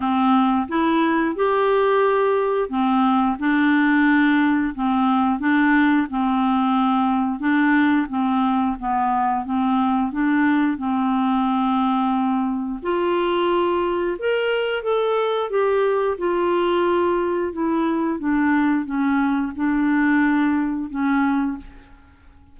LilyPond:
\new Staff \with { instrumentName = "clarinet" } { \time 4/4 \tempo 4 = 89 c'4 e'4 g'2 | c'4 d'2 c'4 | d'4 c'2 d'4 | c'4 b4 c'4 d'4 |
c'2. f'4~ | f'4 ais'4 a'4 g'4 | f'2 e'4 d'4 | cis'4 d'2 cis'4 | }